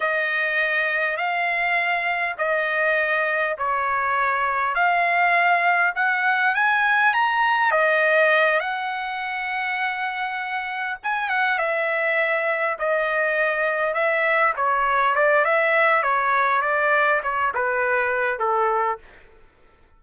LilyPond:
\new Staff \with { instrumentName = "trumpet" } { \time 4/4 \tempo 4 = 101 dis''2 f''2 | dis''2 cis''2 | f''2 fis''4 gis''4 | ais''4 dis''4. fis''4.~ |
fis''2~ fis''8 gis''8 fis''8 e''8~ | e''4. dis''2 e''8~ | e''8 cis''4 d''8 e''4 cis''4 | d''4 cis''8 b'4. a'4 | }